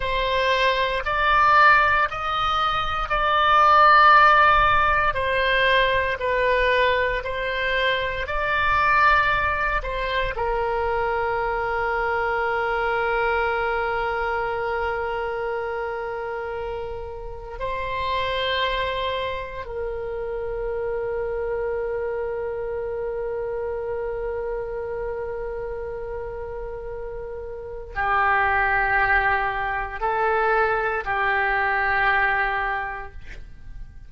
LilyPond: \new Staff \with { instrumentName = "oboe" } { \time 4/4 \tempo 4 = 58 c''4 d''4 dis''4 d''4~ | d''4 c''4 b'4 c''4 | d''4. c''8 ais'2~ | ais'1~ |
ais'4 c''2 ais'4~ | ais'1~ | ais'2. g'4~ | g'4 a'4 g'2 | }